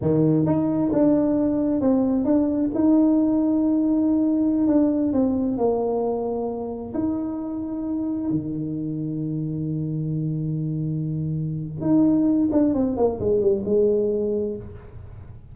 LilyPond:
\new Staff \with { instrumentName = "tuba" } { \time 4/4 \tempo 4 = 132 dis4 dis'4 d'2 | c'4 d'4 dis'2~ | dis'2~ dis'16 d'4 c'8.~ | c'16 ais2. dis'8.~ |
dis'2~ dis'16 dis4.~ dis16~ | dis1~ | dis2 dis'4. d'8 | c'8 ais8 gis8 g8 gis2 | }